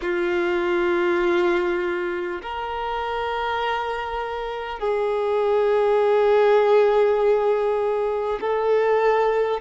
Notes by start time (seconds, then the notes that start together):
0.01 F4
2.42 A#4
4.79 G#4
8.41 A4